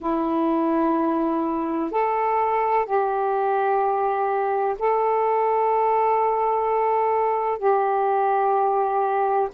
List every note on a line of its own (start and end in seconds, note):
0.00 1.91 E4
1.91 2.85 A4
2.85 4.76 G4
4.79 7.58 A4
7.58 9.48 G4